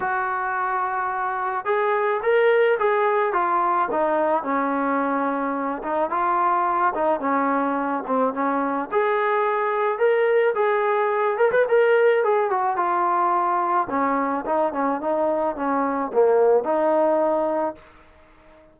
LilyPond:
\new Staff \with { instrumentName = "trombone" } { \time 4/4 \tempo 4 = 108 fis'2. gis'4 | ais'4 gis'4 f'4 dis'4 | cis'2~ cis'8 dis'8 f'4~ | f'8 dis'8 cis'4. c'8 cis'4 |
gis'2 ais'4 gis'4~ | gis'8 ais'16 b'16 ais'4 gis'8 fis'8 f'4~ | f'4 cis'4 dis'8 cis'8 dis'4 | cis'4 ais4 dis'2 | }